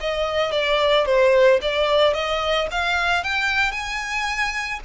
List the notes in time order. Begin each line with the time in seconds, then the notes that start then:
0.00 D#5
0.51 D5
1.05 C5
1.61 D5
2.13 D#5
2.71 F5
3.23 G5
3.71 G#5